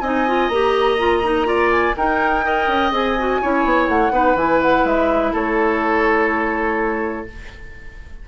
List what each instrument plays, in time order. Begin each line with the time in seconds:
0.00 bassoon C4, clarinet D#4, oboe D#5, flute G#5
0.27 clarinet F4
0.48 bassoon A#3, clarinet G4, flute A#5
0.98 clarinet F4
1.23 clarinet D#4
1.45 clarinet F4, oboe D5
1.71 flute G#5
1.97 bassoon D#4, clarinet D#4, oboe A#4, flute G5
2.44 clarinet A#4, oboe D#5
2.67 bassoon C#4
2.91 bassoon C4, clarinet G#4, flute G#5
3.18 clarinet F#4
3.41 bassoon C#4, clarinet E4, oboe C#5
3.65 bassoon B3
3.88 bassoon A3, flute F#5
4.10 bassoon B3, clarinet D#4, oboe B4
4.35 bassoon E3, clarinet E4, flute G#5
4.62 flute F#5
4.84 bassoon G#3, flute E5
5.33 bassoon A3, oboe A4, flute C#5